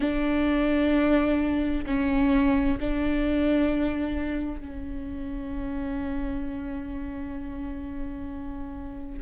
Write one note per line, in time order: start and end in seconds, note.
0.00 1.85 D4
1.86 2.78 C#4
2.79 4.60 D4
4.60 9.21 C#4